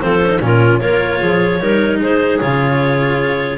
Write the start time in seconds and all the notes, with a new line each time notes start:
0.00 F3 C4 A4 C5
0.22 C#4
0.29 D#4
0.40 A#2 C#4 F4 A#4
0.78 A#3 F4 A#4 C#5
1.20 F3 G#4
1.60 G3 D#4 A#4
2.00 G#3 G#4 C5
2.40 C#3 F4 C#5